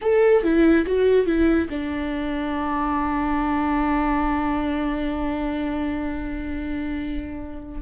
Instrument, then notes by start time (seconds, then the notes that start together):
viola
0.01 A4
0.43 E4
0.86 F#4
1.26 E4
1.69 D4